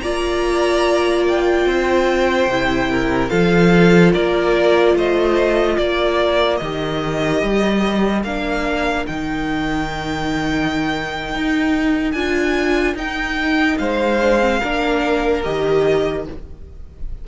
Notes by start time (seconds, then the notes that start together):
0.00 A#3 F4 D5 A#5
1.28 G5
1.65 C4 C5
2.47 C3 E4
2.90 A#4
3.29 F3 F4 A4 F5
4.12 A#3 A#4 D5
4.95 A3 C5 D#5
5.77 A#3 A#4 D5
6.57 D#3 G4 D#5
7.42 G3
8.23 A#3 D4 F5
9.07 D#3 D#4 G5
11.34 D#4
12.11 D4 F4 G#5
12.94 D#4 G5
13.78 G#3 C5 F5
14.21 D4
14.39 C4
14.60 A#3 D4 A#4
15.43 D#3 G4 D#5